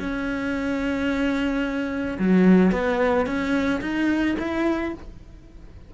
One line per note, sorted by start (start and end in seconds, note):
0.00 2.18 C#4
2.19 2.72 F#3
2.72 3.27 B3
3.27 3.81 C#4
3.82 4.36 D#4
4.39 4.94 E4